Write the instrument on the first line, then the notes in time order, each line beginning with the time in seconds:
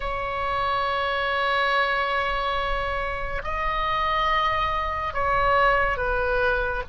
oboe
0.00 C#5
3.43 D#5
5.13 C#5
5.96 B4